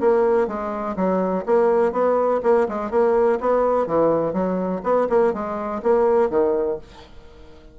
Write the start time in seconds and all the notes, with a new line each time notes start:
0.00 A#3
0.47 G#3
0.96 F#3
1.46 A#3
1.92 B3
2.43 A#3
2.68 G#3
2.90 A#3
3.40 B3
3.86 E3
4.33 F#3
4.83 B3
5.09 A#3
5.33 G#3
5.82 A#3
6.29 D#3